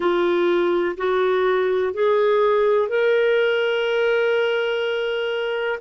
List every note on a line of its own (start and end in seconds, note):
0.00 0.95 F4
0.97 1.94 F#4
1.94 2.89 G#4
2.89 5.79 A#4